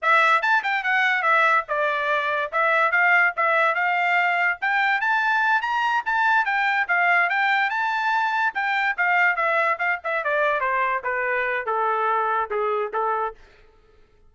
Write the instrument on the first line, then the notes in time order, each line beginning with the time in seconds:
trumpet
0.02 E5
0.41 A5
0.63 G5
0.83 F#5
1.22 E5
1.68 D5
2.52 E5
2.91 F5
3.36 E5
3.75 F5
4.61 G5
5.01 A5
5.61 A#5
6.05 A5
6.45 G5
6.87 F5
7.29 G5
7.70 A5
8.54 G5
8.97 F5
9.36 E5
9.78 F5
10.04 E5
10.24 D5
10.60 C5
11.03 B4
11.66 A4
12.50 G#4
12.93 A4